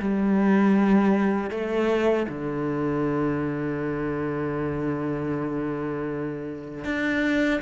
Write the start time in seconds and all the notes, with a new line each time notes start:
0.00 G3
1.51 A3
2.29 D3
6.85 D4